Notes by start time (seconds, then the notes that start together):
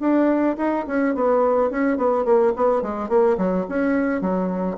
0.00 D4
0.57 D#4
0.87 C#4
1.15 B3
1.70 C#4
1.97 B3
2.25 A#3
2.56 B3
2.82 G#3
3.09 A#3
3.38 F#3
3.69 C#4
4.21 F#3